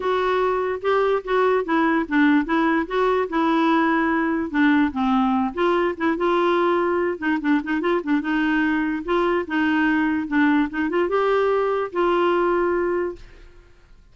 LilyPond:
\new Staff \with { instrumentName = "clarinet" } { \time 4/4 \tempo 4 = 146 fis'2 g'4 fis'4 | e'4 d'4 e'4 fis'4 | e'2. d'4 | c'4. f'4 e'8 f'4~ |
f'4. dis'8 d'8 dis'8 f'8 d'8 | dis'2 f'4 dis'4~ | dis'4 d'4 dis'8 f'8 g'4~ | g'4 f'2. | }